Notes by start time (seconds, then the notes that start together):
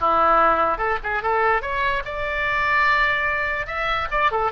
0.00 E4
0.78 A4
1.03 G#4
1.23 A4
1.62 C#5
2.05 D5
3.66 E5
4.11 D5
4.31 A4